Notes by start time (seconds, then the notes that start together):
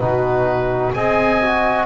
0.00 B2 D#4 F#4 B4
0.94 C4 G#4 D#5 G#5
1.42 F#4